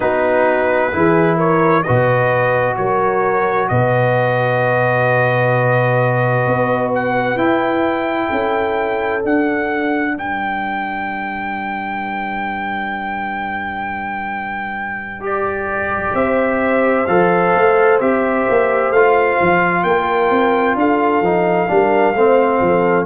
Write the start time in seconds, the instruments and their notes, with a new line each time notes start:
0.00 tuba B3, trombone D#4, horn F#4, trumpet B4
0.92 tuba E3, trombone E4, horn G#4
1.36 horn A#4, trumpet C#5
1.82 tuba B2, trombone F#4, horn B4, trumpet D#5
2.76 tuba F#3, horn A#4, trumpet C#5
3.68 tuba B2, horn B4, trumpet D#5
6.46 tuba B3
6.94 trumpet F#5
7.36 tuba E4, trombone E4, trumpet G5
8.31 tuba C#4, horn A4
9.21 trombone D4, tuba D4, trumpet F#5
10.14 tuba G3, horn B4, trumpet G5
15.20 trombone G4, trumpet D5
16.14 tuba C4, horn C5, trumpet E5
17.06 tuba F3, trombone A4, trumpet F5
17.54 tuba A3
18.00 tuba C4, trombone G4, trumpet E5
18.49 tuba A#3
18.90 tuba A3, trombone F4, trumpet F5
19.41 tuba F3
19.83 tuba A#3, horn A#4, trumpet G5
20.30 tuba C4
20.75 tuba D4, horn A4, trumpet F5
21.21 tuba F3, trombone D#4
21.67 tuba G3, trombone D4, horn A#4
22.14 tuba A3, trombone C4, horn C5
22.61 tuba F3, horn A4